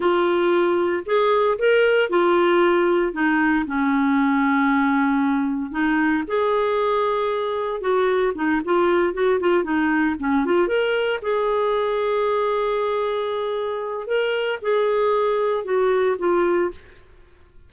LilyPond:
\new Staff \with { instrumentName = "clarinet" } { \time 4/4 \tempo 4 = 115 f'2 gis'4 ais'4 | f'2 dis'4 cis'4~ | cis'2. dis'4 | gis'2. fis'4 |
dis'8 f'4 fis'8 f'8 dis'4 cis'8 | f'8 ais'4 gis'2~ gis'8~ | gis'2. ais'4 | gis'2 fis'4 f'4 | }